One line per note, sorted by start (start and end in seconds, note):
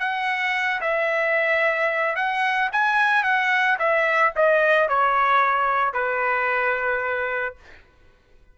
0.00 0.81 F#5
0.81 2.16 E5
2.16 2.70 F#5
2.72 3.24 G#5
3.24 3.78 F#5
3.79 4.33 E5
4.36 4.89 D#5
4.89 5.94 C#5
5.94 7.56 B4